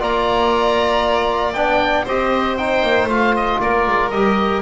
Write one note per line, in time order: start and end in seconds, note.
0.00 1.55 A#3
0.00 1.54 F4
0.00 2.04 D5
0.00 1.54 A#5
1.54 2.07 B3
1.54 2.06 D4
1.54 2.05 G5
2.04 2.83 C4
2.04 2.59 G4
2.04 3.58 C5
2.04 2.58 D#5
2.58 3.09 D#4
2.58 3.09 G5
2.83 3.05 A#3
3.05 3.56 A3
3.05 4.12 F4
3.05 3.35 F5
3.36 3.61 D#5
3.61 3.88 A#3
3.61 4.63 A#4
3.61 4.10 D5
3.88 4.12 G#3
4.10 4.63 G3
4.10 4.63 G4
4.10 4.62 D#5